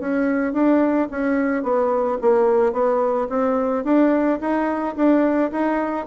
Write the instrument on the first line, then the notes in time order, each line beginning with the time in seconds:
bassoon
0.00 C#4
0.53 D4
1.11 C#4
1.63 B3
2.22 A#3
2.73 B3
3.30 C4
3.84 D4
4.41 D#4
4.96 D4
5.52 D#4